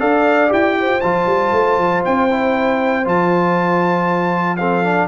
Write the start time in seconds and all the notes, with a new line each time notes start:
0.00 D4 A4 D5 F5
0.49 E4 G4 G5
0.81 C5
0.88 F4
1.01 F3 F4 A5
1.27 G3
1.53 A3
1.78 F3
2.06 C4 G5
2.30 E4
3.05 F3 F4 A5
4.57 C4 A4 F5
4.84 D4